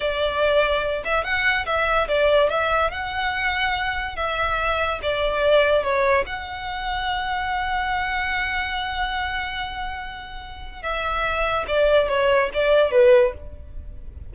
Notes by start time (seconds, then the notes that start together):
0.00 D5
1.04 E5
1.24 F#5
1.66 E5
2.08 D5
2.49 E5
2.91 F#5
4.16 E5
5.02 D5
5.83 C#5
6.26 F#5
10.82 E5
11.67 D5
12.08 C#5
12.53 D5
12.91 B4